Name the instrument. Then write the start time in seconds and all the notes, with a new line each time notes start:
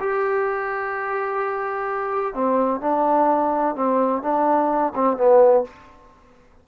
trombone
0.00 G4
2.34 C4
2.81 D4
3.76 C4
4.22 D4
4.95 C4
5.17 B3